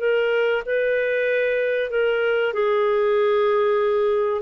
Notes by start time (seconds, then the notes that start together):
0.00 A#4
0.66 B4
1.91 A#4
2.54 G#4